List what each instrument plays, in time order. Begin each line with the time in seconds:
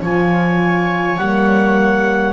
0.00 double bass F3, horn F4, viola C#5, clarinet G#5
1.17 double bass G3, horn A#3, clarinet F#5